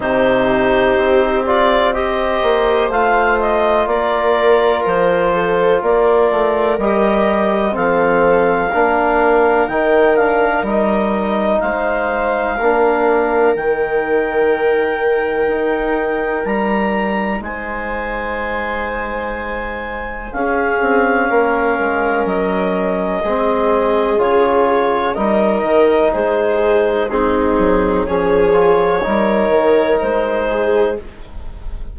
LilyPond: <<
  \new Staff \with { instrumentName = "clarinet" } { \time 4/4 \tempo 4 = 62 c''4. d''8 dis''4 f''8 dis''8 | d''4 c''4 d''4 dis''4 | f''2 g''8 f''8 dis''4 | f''2 g''2~ |
g''4 ais''4 gis''2~ | gis''4 f''2 dis''4~ | dis''4 cis''4 dis''4 c''4 | gis'4 cis''2 c''4 | }
  \new Staff \with { instrumentName = "viola" } { \time 4/4 g'2 c''2 | ais'4. a'8 ais'2 | a'4 ais'2. | c''4 ais'2.~ |
ais'2 c''2~ | c''4 gis'4 ais'2 | gis'2 ais'4 gis'4 | dis'4 gis'4 ais'4. gis'8 | }
  \new Staff \with { instrumentName = "trombone" } { \time 4/4 dis'4. f'8 g'4 f'4~ | f'2. g'4 | c'4 d'4 dis'8 d'8 dis'4~ | dis'4 d'4 dis'2~ |
dis'1~ | dis'4 cis'2. | c'4 f'4 dis'2 | c'4 cis'8 f'8 dis'2 | }
  \new Staff \with { instrumentName = "bassoon" } { \time 4/4 c4 c'4. ais8 a4 | ais4 f4 ais8 a8 g4 | f4 ais4 dis4 g4 | gis4 ais4 dis2 |
dis'4 g4 gis2~ | gis4 cis'8 c'8 ais8 gis8 fis4 | gis4 cis4 g8 dis8 gis4~ | gis8 fis8 f4 g8 dis8 gis4 | }
>>